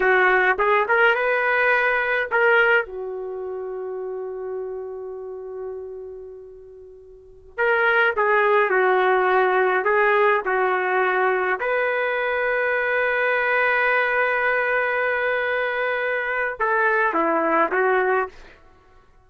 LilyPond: \new Staff \with { instrumentName = "trumpet" } { \time 4/4 \tempo 4 = 105 fis'4 gis'8 ais'8 b'2 | ais'4 fis'2.~ | fis'1~ | fis'4~ fis'16 ais'4 gis'4 fis'8.~ |
fis'4~ fis'16 gis'4 fis'4.~ fis'16~ | fis'16 b'2.~ b'8.~ | b'1~ | b'4 a'4 e'4 fis'4 | }